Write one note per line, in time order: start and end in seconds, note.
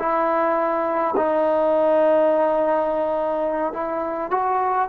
0.00 1.15 E4
1.17 3.74 D#4
3.74 4.31 E4
4.31 4.89 F#4